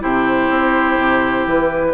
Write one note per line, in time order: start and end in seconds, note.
0.00 0.50 C3
0.00 1.94 E4
0.00 1.95 G4
0.00 1.48 C5
0.50 0.98 C4
0.98 1.46 C3
1.46 1.94 E3
1.46 1.95 B4